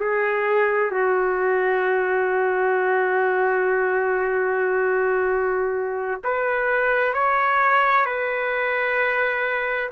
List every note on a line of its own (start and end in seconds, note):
0.00 0.92 G#4
0.92 6.23 F#4
6.24 7.14 B4
7.14 8.06 C#5
8.06 9.91 B4